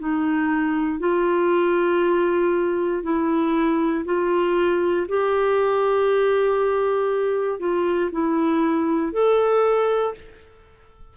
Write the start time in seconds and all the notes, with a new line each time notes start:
0.00 D#4
1.00 F4
3.03 E4
4.05 F4
5.08 G4
7.59 F4
8.12 E4
9.13 A4